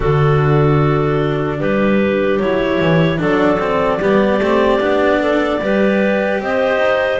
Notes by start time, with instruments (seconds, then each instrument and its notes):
0.00 double bass D3, cello D4, clarinet F#4 A4
1.59 double bass G3, clarinet G4 B4
2.39 double bass F#3, cello E4, clarinet C#5
2.80 double bass E3
3.17 double bass F#3, cello D4, clarinet A4 D5
3.59 cello C4
3.99 double bass G3, cello B3, clarinet G4
4.39 double bass A3, cello C4
4.79 double bass B3, cello D4
5.20 clarinet A4
5.61 double bass G3, cello G4, clarinet B4
6.40 double bass C4, clarinet C5 D#5
6.77 double bass D#4